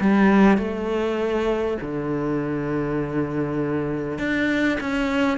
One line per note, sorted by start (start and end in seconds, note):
0.00 0.57 G3
0.57 1.77 A3
1.81 4.18 D3
4.18 4.78 D4
4.80 5.38 C#4